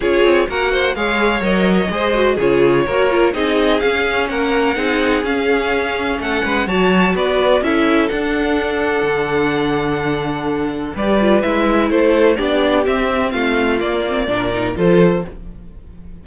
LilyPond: <<
  \new Staff \with { instrumentName = "violin" } { \time 4/4 \tempo 4 = 126 cis''4 fis''4 f''4 dis''4~ | dis''4 cis''2 dis''4 | f''4 fis''2 f''4~ | f''4 fis''4 a''4 d''4 |
e''4 fis''2.~ | fis''2. d''4 | e''4 c''4 d''4 e''4 | f''4 d''2 c''4 | }
  \new Staff \with { instrumentName = "violin" } { \time 4/4 gis'4 ais'8 c''8 cis''2 | c''4 gis'4 ais'4 gis'4~ | gis'4 ais'4 gis'2~ | gis'4 a'8 b'8 cis''4 b'4 |
a'1~ | a'2. b'4~ | b'4 a'4 g'2 | f'2 ais'4 a'4 | }
  \new Staff \with { instrumentName = "viola" } { \time 4/4 f'4 fis'4 gis'4 ais'4 | gis'8 fis'8 f'4 fis'8 f'8 dis'4 | cis'2 dis'4 cis'4~ | cis'2 fis'2 |
e'4 d'2.~ | d'2. g'8 f'8 | e'2 d'4 c'4~ | c'4 ais8 c'8 d'8 dis'8 f'4 | }
  \new Staff \with { instrumentName = "cello" } { \time 4/4 cis'8 c'8 ais4 gis4 fis4 | gis4 cis4 ais4 c'4 | cis'4 ais4 c'4 cis'4~ | cis'4 a8 gis8 fis4 b4 |
cis'4 d'2 d4~ | d2. g4 | gis4 a4 b4 c'4 | a4 ais4 ais,4 f4 | }
>>